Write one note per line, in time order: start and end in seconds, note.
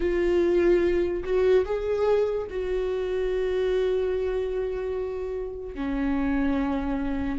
0.00 1.23 F4
1.23 1.64 F#4
1.65 2.47 G#4
2.50 5.75 F#4
5.75 7.39 C#4